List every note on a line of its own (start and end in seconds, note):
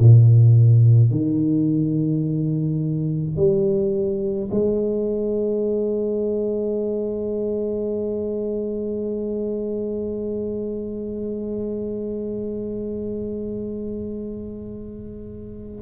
0.00 1.11 A#2
1.11 3.37 D#3
3.37 4.50 G3
4.51 15.82 G#3